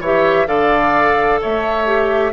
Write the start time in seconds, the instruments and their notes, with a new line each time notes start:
0.00 bassoon E3, clarinet G4, oboe C#5, flute E5
0.46 bassoon D3, clarinet A4, oboe D5, flute F5
1.41 bassoon A3, oboe C#5, flute E5
1.85 clarinet G4